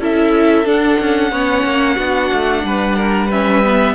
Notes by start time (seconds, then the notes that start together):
0.00 C#4 E4 A4 E5
0.66 D4 F#5
1.00 C#4
1.32 B3 C#4 C#5
1.65 A#3
1.96 B3 D4 F#4
2.33 A3
2.64 G3 B4
2.97 A#4
3.27 C#4 B4 E5
3.64 B3